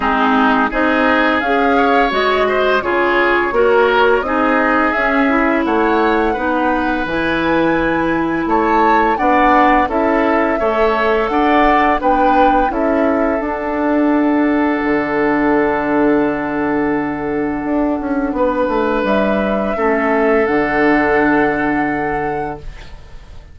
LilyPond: <<
  \new Staff \with { instrumentName = "flute" } { \time 4/4 \tempo 4 = 85 gis'4 dis''4 f''4 dis''4 | cis''2 dis''4 e''4 | fis''2 gis''2 | a''4 fis''4 e''2 |
fis''4 g''4 e''4 fis''4~ | fis''1~ | fis''2. e''4~ | e''4 fis''2. | }
  \new Staff \with { instrumentName = "oboe" } { \time 4/4 dis'4 gis'4. cis''4 c''8 | gis'4 ais'4 gis'2 | cis''4 b'2. | cis''4 d''4 a'4 cis''4 |
d''4 b'4 a'2~ | a'1~ | a'2 b'2 | a'1 | }
  \new Staff \with { instrumentName = "clarinet" } { \time 4/4 c'4 dis'4 gis'4 fis'4 | f'4 fis'4 dis'4 cis'8 e'8~ | e'4 dis'4 e'2~ | e'4 d'4 e'4 a'4~ |
a'4 d'4 e'4 d'4~ | d'1~ | d'1 | cis'4 d'2. | }
  \new Staff \with { instrumentName = "bassoon" } { \time 4/4 gis4 c'4 cis'4 gis4 | cis4 ais4 c'4 cis'4 | a4 b4 e2 | a4 b4 cis'4 a4 |
d'4 b4 cis'4 d'4~ | d'4 d2.~ | d4 d'8 cis'8 b8 a8 g4 | a4 d2. | }
>>